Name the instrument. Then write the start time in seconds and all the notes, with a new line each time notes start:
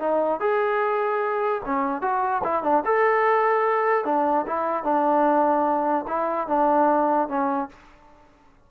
trombone
0.00 D#4
0.40 G#4
1.66 C#4
2.02 F#4
2.44 E4
2.63 D4
2.85 A4
4.05 D4
4.47 E4
4.84 D4
6.08 E4
6.48 D4
7.28 C#4